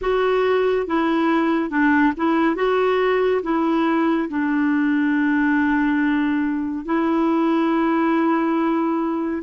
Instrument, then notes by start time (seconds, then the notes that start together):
clarinet
0.01 F#4
0.86 E4
1.69 D4
2.16 E4
2.55 F#4
3.42 E4
4.29 D4
6.85 E4